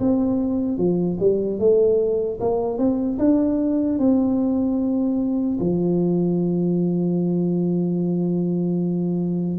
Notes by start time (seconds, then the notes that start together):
0.00 C4
0.77 F3
1.20 G3
1.59 A3
2.40 A#3
2.79 C4
3.19 D4
3.99 C4
5.60 F3